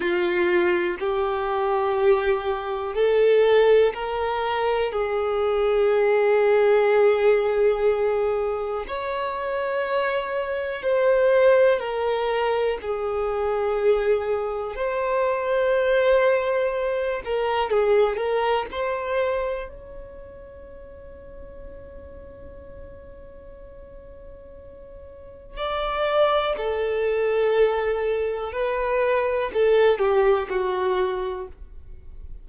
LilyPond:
\new Staff \with { instrumentName = "violin" } { \time 4/4 \tempo 4 = 61 f'4 g'2 a'4 | ais'4 gis'2.~ | gis'4 cis''2 c''4 | ais'4 gis'2 c''4~ |
c''4. ais'8 gis'8 ais'8 c''4 | cis''1~ | cis''2 d''4 a'4~ | a'4 b'4 a'8 g'8 fis'4 | }